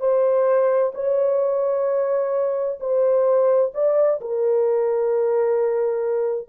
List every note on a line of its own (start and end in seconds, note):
0.00 0.92 C5
0.94 2.79 C#5
2.80 3.72 C5
3.74 4.20 D5
4.21 6.48 A#4